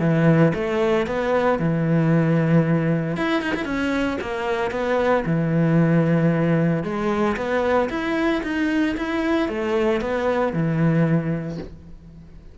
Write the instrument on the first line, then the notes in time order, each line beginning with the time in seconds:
cello
0.00 E3
0.55 A3
1.07 B3
1.59 E3
3.17 E4
3.42 D#4
3.55 E4
3.65 C#4
4.21 A#3
4.71 B3
5.26 E3
6.84 G#3
7.37 B3
7.90 E4
8.44 D#4
8.97 E4
9.49 A3
10.01 B3
10.53 E3